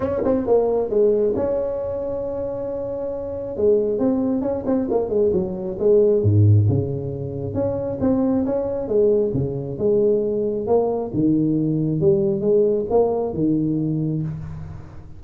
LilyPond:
\new Staff \with { instrumentName = "tuba" } { \time 4/4 \tempo 4 = 135 cis'8 c'8 ais4 gis4 cis'4~ | cis'1 | gis4 c'4 cis'8 c'8 ais8 gis8 | fis4 gis4 gis,4 cis4~ |
cis4 cis'4 c'4 cis'4 | gis4 cis4 gis2 | ais4 dis2 g4 | gis4 ais4 dis2 | }